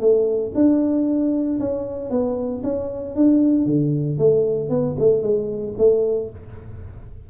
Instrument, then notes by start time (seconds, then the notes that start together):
tuba
0.00 A3
0.55 D4
1.60 C#4
2.10 B3
2.63 C#4
3.15 D4
3.66 D3
4.18 A3
4.70 B3
4.99 A3
5.22 G#3
5.78 A3